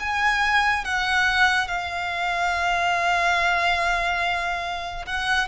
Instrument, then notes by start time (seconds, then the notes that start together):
violin
0.00 G#5
0.85 F#5
1.68 F5
5.06 F#5